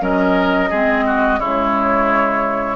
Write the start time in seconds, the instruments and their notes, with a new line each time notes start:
0.00 bassoon F#3, clarinet C#4, oboe A#4, flute D#5
0.69 bassoon G#3, clarinet C4, oboe G#4
1.06 oboe F#4
1.39 bassoon C#3, clarinet G#3, oboe E4, flute C#5